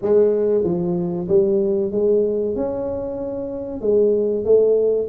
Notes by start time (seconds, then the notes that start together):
0.02 G#3
0.64 F3
1.28 G3
1.91 G#3
2.55 C#4
3.81 G#3
4.44 A3